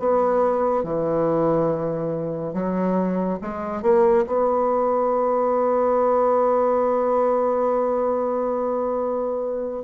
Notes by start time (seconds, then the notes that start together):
0.00 B3
0.84 E3
2.54 F#3
3.42 G#3
3.83 A#3
4.27 B3